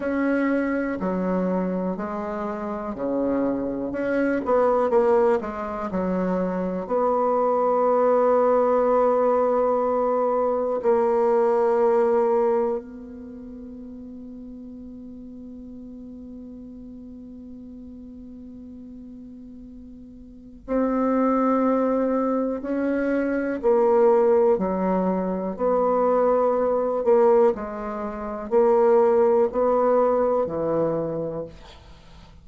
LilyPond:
\new Staff \with { instrumentName = "bassoon" } { \time 4/4 \tempo 4 = 61 cis'4 fis4 gis4 cis4 | cis'8 b8 ais8 gis8 fis4 b4~ | b2. ais4~ | ais4 b2.~ |
b1~ | b4 c'2 cis'4 | ais4 fis4 b4. ais8 | gis4 ais4 b4 e4 | }